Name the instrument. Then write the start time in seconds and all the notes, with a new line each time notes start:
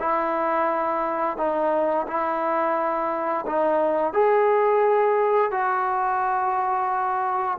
trombone
0.00 E4
1.38 D#4
2.08 E4
3.47 D#4
4.14 G#4
5.52 F#4